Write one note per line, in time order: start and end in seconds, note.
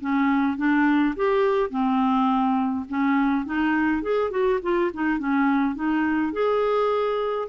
0.00 0.57 C#4
0.57 1.15 D4
1.16 1.70 G4
1.70 2.85 C4
2.88 3.45 C#4
3.45 4.02 D#4
4.02 4.31 G#4
4.31 4.59 F#4
4.62 4.91 F4
4.93 5.18 D#4
5.18 5.75 C#4
5.75 6.33 D#4
6.33 7.48 G#4